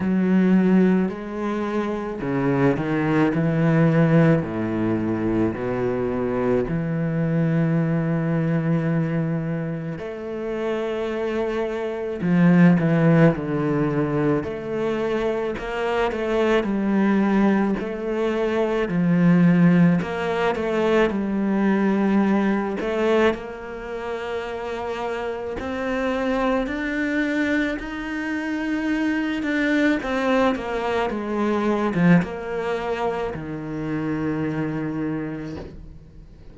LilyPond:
\new Staff \with { instrumentName = "cello" } { \time 4/4 \tempo 4 = 54 fis4 gis4 cis8 dis8 e4 | a,4 b,4 e2~ | e4 a2 f8 e8 | d4 a4 ais8 a8 g4 |
a4 f4 ais8 a8 g4~ | g8 a8 ais2 c'4 | d'4 dis'4. d'8 c'8 ais8 | gis8. f16 ais4 dis2 | }